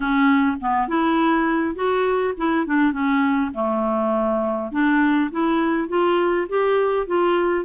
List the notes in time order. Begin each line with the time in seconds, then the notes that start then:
0.00 C#4
0.60 B3
0.88 E4
1.75 F#4
2.37 E4
2.66 D4
2.92 C#4
3.54 A3
4.71 D4
5.31 E4
5.88 F4
6.49 G4
7.06 F4